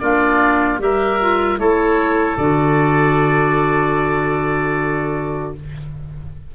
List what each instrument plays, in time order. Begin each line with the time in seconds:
0.00 tuba A#3, clarinet D4, oboe F4 D5
0.79 tuba G3, clarinet G4, oboe A#4 E5
1.21 clarinet F4
1.58 tuba A3, clarinet E4, oboe A4 C#5
2.37 tuba D3, clarinet F#4, oboe D5